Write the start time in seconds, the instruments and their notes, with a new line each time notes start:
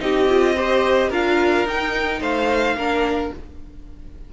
0.00 cello C4, viola D#4, violin G4 D#5
0.29 viola F4
0.57 viola G4, violin C5
1.09 cello D4, viola F4, violin A#4 F5
1.66 cello D#4, viola D#4, violin G5
2.21 cello A3, violin C5 F5
2.75 cello A#3, viola D4, violin A#4